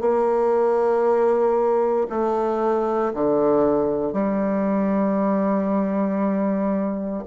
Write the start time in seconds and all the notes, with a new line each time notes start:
0.00 A#3
2.09 A3
3.13 D3
4.13 G3